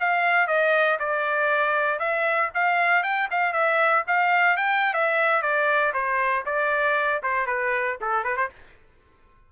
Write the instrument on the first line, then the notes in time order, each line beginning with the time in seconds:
trumpet
0.00 F5
0.47 D#5
0.99 D5
1.99 E5
2.54 F5
3.03 G5
3.31 F5
3.53 E5
4.07 F5
4.57 G5
4.94 E5
5.42 D5
5.94 C5
6.46 D5
7.23 C5
7.47 B4
8.01 A4
8.24 B4
8.37 C5